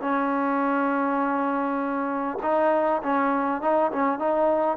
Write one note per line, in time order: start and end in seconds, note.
0.00 2.38 C#4
2.42 3.01 D#4
3.02 3.61 C#4
3.61 3.91 D#4
3.91 4.19 C#4
4.19 4.77 D#4